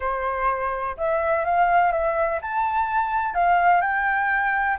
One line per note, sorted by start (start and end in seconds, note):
0.00 0.96 C5
0.97 1.44 E5
1.44 1.91 F5
1.91 2.39 E5
2.41 3.34 A5
3.34 3.81 F5
3.81 4.77 G5